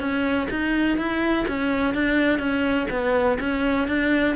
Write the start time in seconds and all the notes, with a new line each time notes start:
0.00 C#4
0.51 D#4
0.98 E4
1.48 C#4
1.94 D4
2.39 C#4
2.90 B3
3.40 C#4
3.88 D4